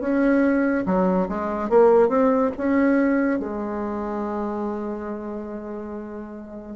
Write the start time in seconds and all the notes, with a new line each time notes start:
0.00 C#4
0.86 F#3
1.29 G#3
1.69 A#3
2.09 C4
2.57 C#4
3.40 G#3